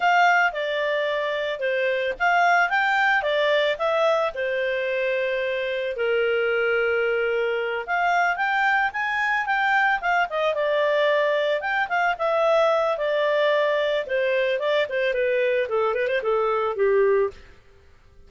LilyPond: \new Staff \with { instrumentName = "clarinet" } { \time 4/4 \tempo 4 = 111 f''4 d''2 c''4 | f''4 g''4 d''4 e''4 | c''2. ais'4~ | ais'2~ ais'8 f''4 g''8~ |
g''8 gis''4 g''4 f''8 dis''8 d''8~ | d''4. g''8 f''8 e''4. | d''2 c''4 d''8 c''8 | b'4 a'8 b'16 c''16 a'4 g'4 | }